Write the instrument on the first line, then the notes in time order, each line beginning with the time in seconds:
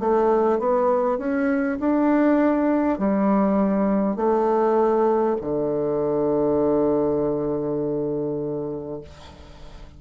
bassoon
0.00 A3
0.59 B3
1.18 C#4
1.79 D4
2.99 G3
4.16 A3
5.41 D3